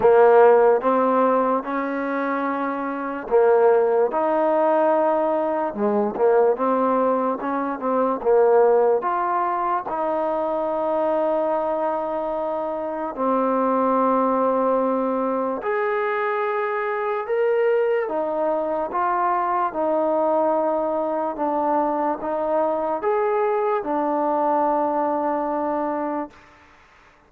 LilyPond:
\new Staff \with { instrumentName = "trombone" } { \time 4/4 \tempo 4 = 73 ais4 c'4 cis'2 | ais4 dis'2 gis8 ais8 | c'4 cis'8 c'8 ais4 f'4 | dis'1 |
c'2. gis'4~ | gis'4 ais'4 dis'4 f'4 | dis'2 d'4 dis'4 | gis'4 d'2. | }